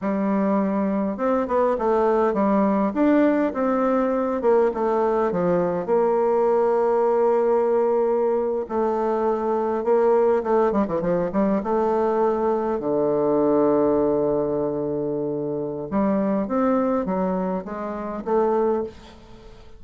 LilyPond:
\new Staff \with { instrumentName = "bassoon" } { \time 4/4 \tempo 4 = 102 g2 c'8 b8 a4 | g4 d'4 c'4. ais8 | a4 f4 ais2~ | ais2~ ais8. a4~ a16~ |
a8. ais4 a8 g16 e16 f8 g8 a16~ | a4.~ a16 d2~ d16~ | d2. g4 | c'4 fis4 gis4 a4 | }